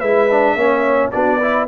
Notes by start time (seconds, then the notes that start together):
0.00 G#3 E4 B4 E5
0.31 D4
0.56 A#3 C#4 C#5
1.12 B3 D4 F#4 D5
1.38 E4 B4